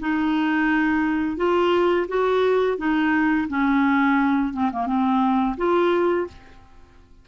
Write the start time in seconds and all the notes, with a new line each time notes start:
0.00 D#4
1.37 F4
2.08 F#4
2.78 D#4
3.49 C#4
4.53 C4
4.72 A#3
4.86 C4
5.57 F4